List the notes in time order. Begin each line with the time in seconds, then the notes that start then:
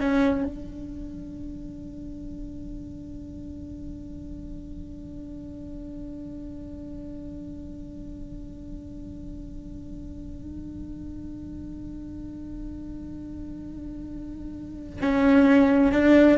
0.00 C#4
0.45 D4
15.01 C#4
15.92 D4